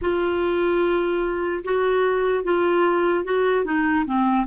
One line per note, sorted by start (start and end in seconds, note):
0.01 1.63 F4
1.64 2.43 F#4
2.43 3.24 F4
3.24 3.64 F#4
3.64 4.05 D#4
4.05 4.46 C4